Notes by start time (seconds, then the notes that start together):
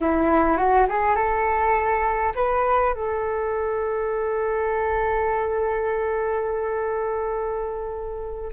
0.01 E4
0.57 F#4
0.88 G#4
1.15 A4
2.35 B4
2.94 A4